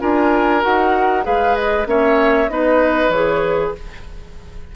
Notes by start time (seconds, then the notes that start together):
0.00 D4 F4 A#4 G#5
0.61 D#4 F#4 F#5
1.23 G#3 G#4 B4 F5
1.55 D#5
1.86 A#3 C#4 C#5 E5
2.49 B3 D#4 B4 D#5
3.09 E3 G#4 C#5